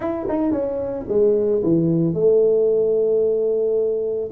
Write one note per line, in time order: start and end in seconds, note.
0.00 0.26 E4
0.28 0.51 D#4
0.51 1.05 C#4
1.08 1.62 G#3
1.63 2.14 E3
2.14 4.30 A3